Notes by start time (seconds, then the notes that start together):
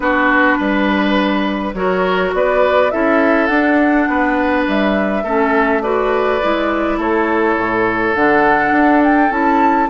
0.00 B3 D4 F#4 B4
0.58 G3 B4
1.74 F#3 F#4 A#4 C#5
2.33 B3 B4 D5
2.90 C#4 E4 A4 E5
3.46 D4 F#5
4.08 B3 B4
4.67 G3 E5
5.23 A3 C#4 A4
5.82 F#4 B4 D5
6.41 G#3 E4
6.97 A3 A4 C#5
7.57 A2
8.14 D3 D4 F#5
8.71 D4
9.03 G5
9.30 C#4 E4 A5